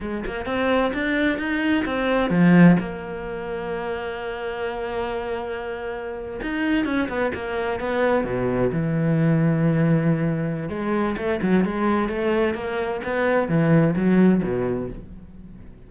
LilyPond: \new Staff \with { instrumentName = "cello" } { \time 4/4 \tempo 4 = 129 gis8 ais8 c'4 d'4 dis'4 | c'4 f4 ais2~ | ais1~ | ais4.~ ais16 dis'4 cis'8 b8 ais16~ |
ais8. b4 b,4 e4~ e16~ | e2. gis4 | a8 fis8 gis4 a4 ais4 | b4 e4 fis4 b,4 | }